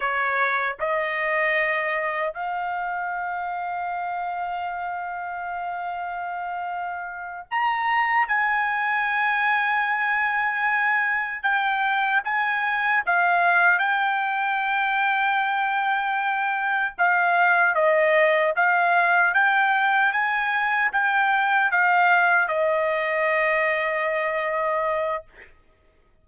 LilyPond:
\new Staff \with { instrumentName = "trumpet" } { \time 4/4 \tempo 4 = 76 cis''4 dis''2 f''4~ | f''1~ | f''4. ais''4 gis''4.~ | gis''2~ gis''8 g''4 gis''8~ |
gis''8 f''4 g''2~ g''8~ | g''4. f''4 dis''4 f''8~ | f''8 g''4 gis''4 g''4 f''8~ | f''8 dis''2.~ dis''8 | }